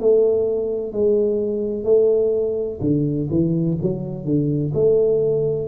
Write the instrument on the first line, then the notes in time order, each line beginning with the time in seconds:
tuba
0.00 A3
0.92 G#3
1.84 A3
2.81 D3
3.30 E3
3.82 F#3
4.25 D3
4.74 A3